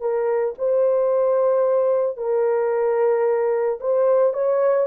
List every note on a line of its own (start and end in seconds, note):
0.00 0.54 A#4
0.58 2.17 C5
2.17 3.79 A#4
3.80 4.33 C5
4.33 4.87 C#5